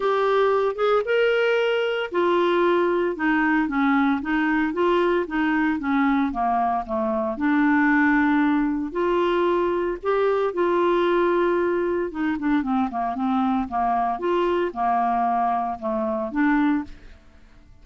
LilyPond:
\new Staff \with { instrumentName = "clarinet" } { \time 4/4 \tempo 4 = 114 g'4. gis'8 ais'2 | f'2 dis'4 cis'4 | dis'4 f'4 dis'4 cis'4 | ais4 a4 d'2~ |
d'4 f'2 g'4 | f'2. dis'8 d'8 | c'8 ais8 c'4 ais4 f'4 | ais2 a4 d'4 | }